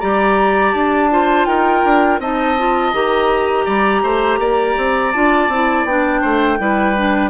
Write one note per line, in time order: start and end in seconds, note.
0.00 0.74 G3
0.00 1.10 G4
0.00 1.10 D5
0.00 0.72 A#5
0.72 1.47 D4
0.72 1.45 A5
1.10 2.20 F4
1.10 1.48 C5
1.46 1.83 D#4
1.46 2.20 A#4
1.46 2.19 G5
1.84 2.19 D4
2.19 2.93 C4
2.19 2.58 D#4
2.19 3.65 D#5
2.19 2.94 A5
2.58 2.93 F4
2.93 3.66 D#3
2.93 5.13 G4
2.93 5.12 A#5
3.65 4.02 G3
3.65 4.02 D5
4.02 4.39 A3
4.02 4.39 C5
4.39 4.75 A#3
4.39 6.21 D5
4.77 5.14 C4
5.12 5.48 D4
5.12 5.50 F4
5.12 5.85 A5
5.48 5.84 C4
5.48 5.88 E4
5.84 6.21 B3
5.84 6.59 D4
5.84 7.30 G5
6.21 6.59 A3
6.21 6.58 C5
6.59 7.30 G3
6.59 6.95 E4
6.59 7.30 B4
6.96 7.30 D4